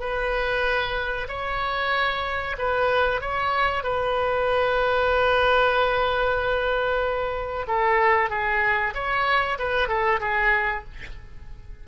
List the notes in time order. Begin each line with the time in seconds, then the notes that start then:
0.00 B4
1.29 C#5
2.58 B4
3.21 C#5
3.84 B4
7.68 A4
8.30 G#4
8.95 C#5
9.59 B4
9.88 A4
10.21 G#4